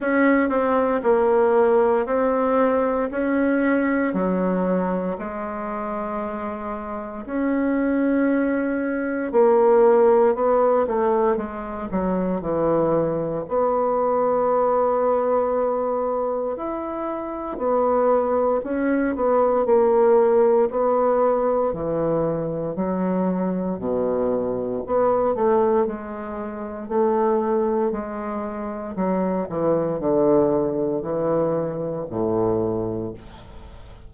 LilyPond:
\new Staff \with { instrumentName = "bassoon" } { \time 4/4 \tempo 4 = 58 cis'8 c'8 ais4 c'4 cis'4 | fis4 gis2 cis'4~ | cis'4 ais4 b8 a8 gis8 fis8 | e4 b2. |
e'4 b4 cis'8 b8 ais4 | b4 e4 fis4 b,4 | b8 a8 gis4 a4 gis4 | fis8 e8 d4 e4 a,4 | }